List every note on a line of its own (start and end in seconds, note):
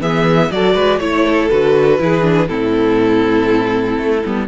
0.00 0.50 E3
0.00 0.50 B3
0.00 0.50 G#4
0.00 0.51 E5
0.51 0.74 F#3
0.51 1.00 F#4
0.51 0.74 A4
0.51 0.99 D5
0.74 0.99 G#3
0.74 0.99 B4
0.99 1.49 A3
0.99 1.50 E4
0.99 1.48 C#5
0.99 1.25 C#5
1.25 1.99 A4
1.50 2.00 D3
1.50 1.99 F#4
1.50 2.47 B4
1.99 2.49 E3
1.99 2.22 E4
1.99 2.49 G#4
2.22 2.47 D4
2.47 3.97 A2
2.47 4.21 C4
2.47 4.47 E4
2.47 4.45 A4
3.97 4.22 A3
4.26 4.47 G3
4.26 4.47 B3